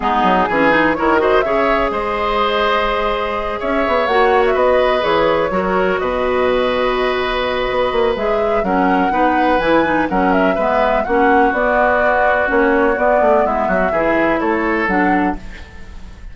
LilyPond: <<
  \new Staff \with { instrumentName = "flute" } { \time 4/4 \tempo 4 = 125 gis'2 cis''8 dis''8 e''4 | dis''2.~ dis''8 e''8~ | e''8 fis''8. e''16 dis''4 cis''4.~ | cis''8 dis''2.~ dis''8~ |
dis''4 e''4 fis''2 | gis''4 fis''8 e''4. fis''4 | d''2 cis''4 d''4 | e''2 cis''4 fis''4 | }
  \new Staff \with { instrumentName = "oboe" } { \time 4/4 dis'4 gis'4 ais'8 c''8 cis''4 | c''2.~ c''8 cis''8~ | cis''4. b'2 ais'8~ | ais'8 b'2.~ b'8~ |
b'2 ais'4 b'4~ | b'4 ais'4 b'4 fis'4~ | fis'1 | e'8 fis'8 gis'4 a'2 | }
  \new Staff \with { instrumentName = "clarinet" } { \time 4/4 b4 cis'8 dis'8 e'8 fis'8 gis'4~ | gis'1~ | gis'8 fis'2 gis'4 fis'8~ | fis'1~ |
fis'4 gis'4 cis'4 dis'4 | e'8 dis'8 cis'4 b4 cis'4 | b2 cis'4 b4~ | b4 e'2 d'4 | }
  \new Staff \with { instrumentName = "bassoon" } { \time 4/4 gis8 fis8 e4 dis4 cis4 | gis2.~ gis8 cis'8 | b8 ais4 b4 e4 fis8~ | fis8 b,2.~ b,8 |
b8 ais8 gis4 fis4 b4 | e4 fis4 gis4 ais4 | b2 ais4 b8 a8 | gis8 fis8 e4 a4 fis4 | }
>>